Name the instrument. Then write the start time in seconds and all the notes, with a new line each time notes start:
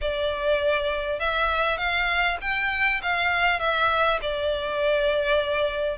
violin
0.01 D5
1.19 E5
1.77 F5
2.41 G5
3.02 F5
3.59 E5
4.21 D5